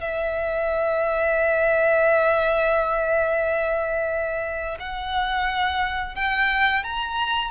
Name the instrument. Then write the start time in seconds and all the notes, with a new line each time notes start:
violin
0.00 E5
4.79 F#5
6.15 G5
6.83 A#5